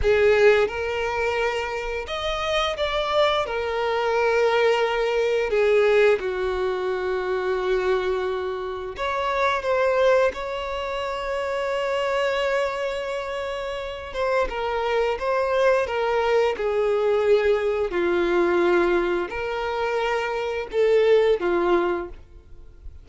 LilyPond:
\new Staff \with { instrumentName = "violin" } { \time 4/4 \tempo 4 = 87 gis'4 ais'2 dis''4 | d''4 ais'2. | gis'4 fis'2.~ | fis'4 cis''4 c''4 cis''4~ |
cis''1~ | cis''8 c''8 ais'4 c''4 ais'4 | gis'2 f'2 | ais'2 a'4 f'4 | }